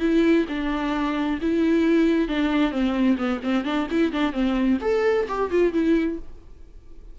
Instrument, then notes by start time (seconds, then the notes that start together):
viola
0.00 E4
0.49 D4
1.42 E4
2.28 D4
2.71 C4
3.18 B3
3.44 C4
3.65 D4
3.91 E4
4.12 D4
4.33 C4
4.81 A4
5.29 G4
5.51 F4
5.73 E4